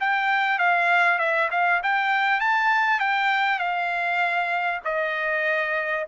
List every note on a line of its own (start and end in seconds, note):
0.00 0.58 G5
0.58 1.18 F5
1.18 1.49 E5
1.51 1.81 F5
1.83 2.40 G5
2.40 3.00 A5
3.00 3.59 G5
3.59 4.80 F5
4.84 6.06 D#5